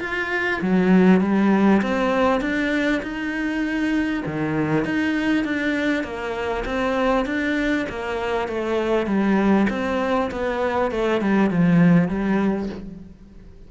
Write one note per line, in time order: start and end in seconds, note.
0.00 0.61 F4
0.61 1.21 F#3
1.21 1.81 G3
1.82 2.41 C4
2.41 3.01 D4
3.02 4.23 D#4
4.26 4.85 D#3
4.85 5.44 D#4
5.44 6.03 D4
6.03 6.64 A#3
6.65 7.26 C4
7.26 7.86 D4
7.89 8.48 A#3
8.48 9.06 A3
9.06 9.67 G3
9.70 10.30 C4
10.31 10.91 B3
10.91 11.21 A3
11.21 11.50 G3
11.50 12.08 F3
12.08 12.69 G3